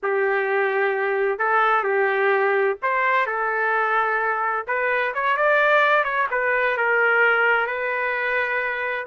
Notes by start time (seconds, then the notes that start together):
0.02 G4
1.38 A4
1.83 G4
2.82 C5
3.26 A4
4.67 B4
5.14 C#5
5.37 D5
6.03 C#5
6.30 B4
6.77 A#4
7.66 B4